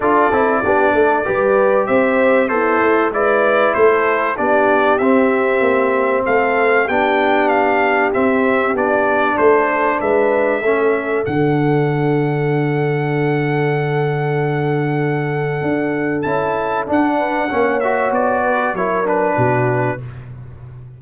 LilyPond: <<
  \new Staff \with { instrumentName = "trumpet" } { \time 4/4 \tempo 4 = 96 d''2. e''4 | c''4 d''4 c''4 d''4 | e''2 f''4 g''4 | f''4 e''4 d''4 c''4 |
e''2 fis''2~ | fis''1~ | fis''2 a''4 fis''4~ | fis''8 e''8 d''4 cis''8 b'4. | }
  \new Staff \with { instrumentName = "horn" } { \time 4/4 a'4 g'8 a'8 b'4 c''4 | e'4 b'4 a'4 g'4~ | g'2 a'4 g'4~ | g'2. a'4 |
b'4 a'2.~ | a'1~ | a'2.~ a'8 b'8 | cis''4. b'8 ais'4 fis'4 | }
  \new Staff \with { instrumentName = "trombone" } { \time 4/4 f'8 e'8 d'4 g'2 | a'4 e'2 d'4 | c'2. d'4~ | d'4 c'4 d'2~ |
d'4 cis'4 d'2~ | d'1~ | d'2 e'4 d'4 | cis'8 fis'4. e'8 d'4. | }
  \new Staff \with { instrumentName = "tuba" } { \time 4/4 d'8 c'8 b8 a8 g4 c'4 | b8 a8 gis4 a4 b4 | c'4 ais4 a4 b4~ | b4 c'4 b4 a4 |
gis4 a4 d2~ | d1~ | d4 d'4 cis'4 d'4 | ais4 b4 fis4 b,4 | }
>>